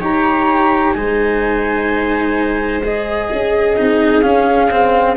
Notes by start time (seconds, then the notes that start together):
0.00 D#4 G4 C#5 A#5
0.93 G#3 D#4 C5 G#5
2.83 G#4 D#5
3.29 C#4 G#4
3.76 C4 D#4
4.22 C#4 F5
4.71 C4